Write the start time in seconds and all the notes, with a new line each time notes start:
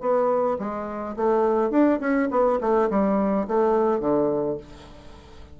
0.00 B3
0.59 G#3
1.16 A3
1.70 D4
2.00 C#4
2.30 B3
2.61 A3
2.90 G3
3.47 A3
4.00 D3